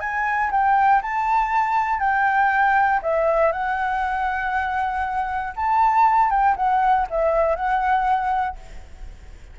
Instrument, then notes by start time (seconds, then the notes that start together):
flute
0.00 G#5
0.51 G5
1.02 A5
2.00 G5
3.03 E5
3.52 F#5
5.56 A5
6.30 G5
6.57 F#5
7.10 E5
7.55 F#5